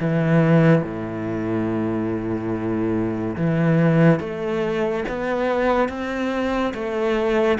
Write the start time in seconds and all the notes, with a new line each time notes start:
0.00 E3
0.82 A2
3.36 E3
4.19 A3
5.08 B3
5.88 C4
6.74 A3